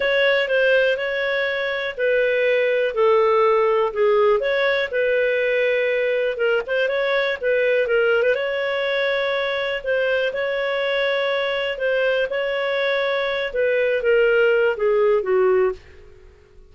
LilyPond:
\new Staff \with { instrumentName = "clarinet" } { \time 4/4 \tempo 4 = 122 cis''4 c''4 cis''2 | b'2 a'2 | gis'4 cis''4 b'2~ | b'4 ais'8 c''8 cis''4 b'4 |
ais'8. b'16 cis''2. | c''4 cis''2. | c''4 cis''2~ cis''8 b'8~ | b'8 ais'4. gis'4 fis'4 | }